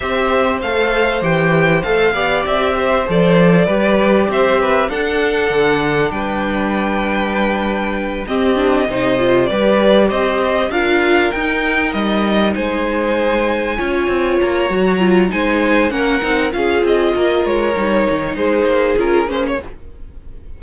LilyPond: <<
  \new Staff \with { instrumentName = "violin" } { \time 4/4 \tempo 4 = 98 e''4 f''4 g''4 f''4 | e''4 d''2 e''4 | fis''2 g''2~ | g''4. dis''2 d''8~ |
d''8 dis''4 f''4 g''4 dis''8~ | dis''8 gis''2. ais''8~ | ais''4 gis''4 fis''4 f''8 dis''8~ | dis''8 cis''4. c''4 ais'8 c''16 cis''16 | }
  \new Staff \with { instrumentName = "violin" } { \time 4/4 c''2.~ c''8 d''8~ | d''8 c''4. b'4 c''8 b'8 | a'2 b'2~ | b'4. g'4 c''4 b'8~ |
b'8 c''4 ais'2~ ais'8~ | ais'8 c''2 cis''4.~ | cis''4 c''4 ais'4 gis'4 | ais'2 gis'2 | }
  \new Staff \with { instrumentName = "viola" } { \time 4/4 g'4 a'4 g'4 a'8 g'8~ | g'4 a'4 g'2 | d'1~ | d'4. c'8 d'8 dis'8 f'8 g'8~ |
g'4. f'4 dis'4.~ | dis'2~ dis'8 f'4. | fis'8 f'8 dis'4 cis'8 dis'8 f'4~ | f'4 dis'2 f'8 cis'8 | }
  \new Staff \with { instrumentName = "cello" } { \time 4/4 c'4 a4 e4 a8 b8 | c'4 f4 g4 c'4 | d'4 d4 g2~ | g4. c'4 c4 g8~ |
g8 c'4 d'4 dis'4 g8~ | g8 gis2 cis'8 c'8 ais8 | fis4 gis4 ais8 c'8 cis'8 c'8 | ais8 gis8 g8 dis8 gis8 ais8 cis'8 ais8 | }
>>